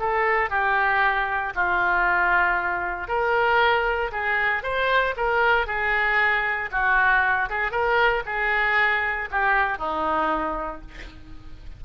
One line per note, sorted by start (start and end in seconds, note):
0.00 0.50 A4
0.50 1.54 G4
1.55 3.08 F4
3.08 4.12 A#4
4.12 4.63 G#4
4.63 5.15 C5
5.17 5.67 A#4
5.67 6.70 G#4
6.72 7.50 F#4
7.50 7.72 G#4
7.72 8.24 A#4
8.26 9.30 G#4
9.32 9.79 G4
9.79 10.82 D#4